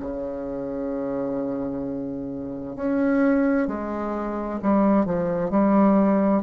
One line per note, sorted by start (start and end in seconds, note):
0.00 2.77 C#3
2.77 3.68 C#4
3.68 4.60 G#3
4.62 5.06 G3
5.06 5.50 F3
5.50 6.43 G3